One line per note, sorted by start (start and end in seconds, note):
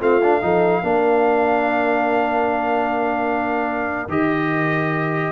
0.00 0.43 A3
0.00 0.21 C4
0.00 0.42 F4
0.00 4.10 F5
0.23 0.42 D4
0.42 0.83 F3
0.42 0.83 D#4
0.42 0.84 A4
0.83 4.08 A#3
0.83 4.08 D4
0.83 5.32 A#4
4.08 5.32 D#3
4.08 5.32 G4
4.08 5.32 D#5